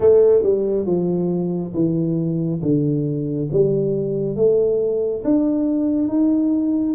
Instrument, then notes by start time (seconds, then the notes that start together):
tuba
0.00 A3
0.42 G3
0.85 F3
1.74 E3
2.62 D3
3.51 G3
4.36 A3
5.24 D4
6.08 D#4